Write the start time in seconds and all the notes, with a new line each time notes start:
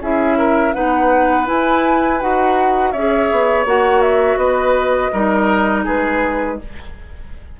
0.00 C#4 E4 G#4 E5
0.38 A#4
0.73 B3 D#4 B4 F#5
1.45 E4 G#5
2.20 D#4 F#4 F#5
2.91 C#4 G#4 C#5 E5
3.31 B3
3.65 A#3 F#4 F#5
4.01 E5
4.36 B3 B4 D#5
5.12 G3 D#4 A#4
5.85 G#3 G#4 B4